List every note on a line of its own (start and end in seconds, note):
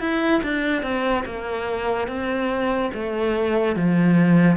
0.00 0.42 E4
0.43 0.83 D4
0.83 1.24 C4
1.25 2.08 A#3
2.08 2.91 C4
2.94 3.76 A3
3.76 4.56 F3